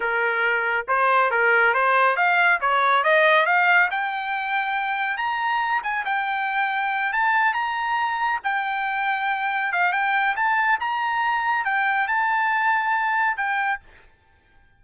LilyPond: \new Staff \with { instrumentName = "trumpet" } { \time 4/4 \tempo 4 = 139 ais'2 c''4 ais'4 | c''4 f''4 cis''4 dis''4 | f''4 g''2. | ais''4. gis''8 g''2~ |
g''8 a''4 ais''2 g''8~ | g''2~ g''8 f''8 g''4 | a''4 ais''2 g''4 | a''2. g''4 | }